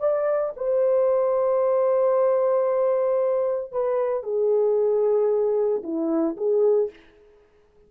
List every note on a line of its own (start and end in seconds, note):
0.00 0.53 D5
0.56 3.72 C5
3.72 4.24 B4
4.24 5.83 G#4
5.84 6.37 E4
6.37 6.90 G#4